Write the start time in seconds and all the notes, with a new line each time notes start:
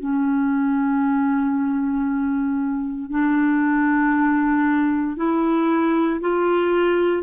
0.00 C#4
3.11 D4
5.17 E4
6.21 F4